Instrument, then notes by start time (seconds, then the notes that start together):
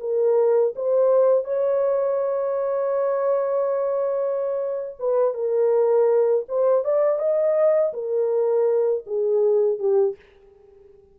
horn
0.00 A#4
0.75 C5
1.44 C#5
4.99 B4
5.34 A#4
6.48 C5
6.84 D5
7.19 D#5
7.93 A#4
9.06 G#4
9.78 G4